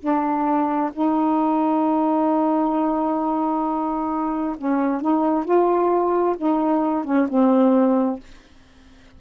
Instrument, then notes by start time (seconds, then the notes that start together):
saxophone
0.00 D4
0.93 D#4
4.58 C#4
5.02 D#4
5.45 F4
6.38 D#4
7.05 C#4
7.29 C4